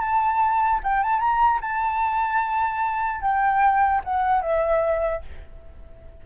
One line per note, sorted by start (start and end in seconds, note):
0.00 0.81 A5
0.83 1.03 G5
1.03 1.20 A5
1.20 1.60 A#5
1.61 3.21 A5
3.21 4.01 G5
4.04 4.42 F#5
4.42 5.22 E5